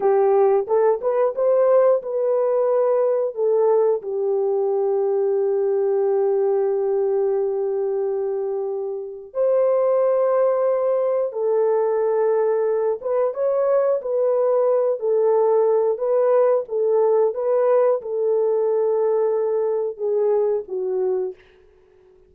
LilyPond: \new Staff \with { instrumentName = "horn" } { \time 4/4 \tempo 4 = 90 g'4 a'8 b'8 c''4 b'4~ | b'4 a'4 g'2~ | g'1~ | g'2 c''2~ |
c''4 a'2~ a'8 b'8 | cis''4 b'4. a'4. | b'4 a'4 b'4 a'4~ | a'2 gis'4 fis'4 | }